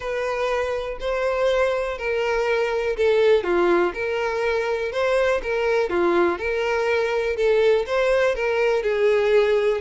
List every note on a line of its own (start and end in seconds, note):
0.00 0.98 B4
0.99 1.98 C5
1.98 2.96 A#4
2.96 3.43 A4
3.43 3.92 F4
3.94 4.92 A#4
4.92 5.41 C5
5.42 5.89 A#4
5.89 6.38 F4
6.38 7.36 A#4
7.36 7.85 A4
7.86 8.35 C5
8.35 8.83 A#4
8.83 9.81 G#4